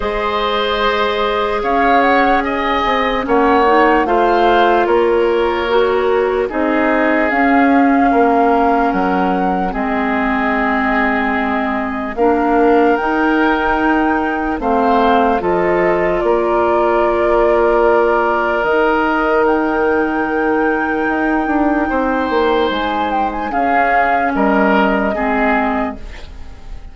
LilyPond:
<<
  \new Staff \with { instrumentName = "flute" } { \time 4/4 \tempo 4 = 74 dis''2 f''8 fis''8 gis''4 | fis''4 f''4 cis''2 | dis''4 f''2 fis''4 | dis''2. f''4 |
g''2 f''4 dis''4 | d''2. dis''4 | g''1 | gis''8 g''16 gis''16 f''4 dis''2 | }
  \new Staff \with { instrumentName = "oboe" } { \time 4/4 c''2 cis''4 dis''4 | cis''4 c''4 ais'2 | gis'2 ais'2 | gis'2. ais'4~ |
ais'2 c''4 a'4 | ais'1~ | ais'2. c''4~ | c''4 gis'4 ais'4 gis'4 | }
  \new Staff \with { instrumentName = "clarinet" } { \time 4/4 gis'1 | cis'8 dis'8 f'2 fis'4 | dis'4 cis'2. | c'2. d'4 |
dis'2 c'4 f'4~ | f'2. dis'4~ | dis'1~ | dis'4 cis'2 c'4 | }
  \new Staff \with { instrumentName = "bassoon" } { \time 4/4 gis2 cis'4. c'8 | ais4 a4 ais2 | c'4 cis'4 ais4 fis4 | gis2. ais4 |
dis'2 a4 f4 | ais2. dis4~ | dis2 dis'8 d'8 c'8 ais8 | gis4 cis'4 g4 gis4 | }
>>